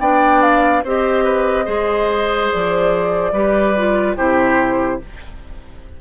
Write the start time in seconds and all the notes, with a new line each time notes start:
0.00 B3 D4 D5 G5
0.42 F5
0.84 C4 G4 C5 D#5
1.24 B4
1.65 G#3 G#4 C5
2.52 F3 D5
3.32 G3 G4 B4
3.77 F4
4.16 C3 E4 G4 C5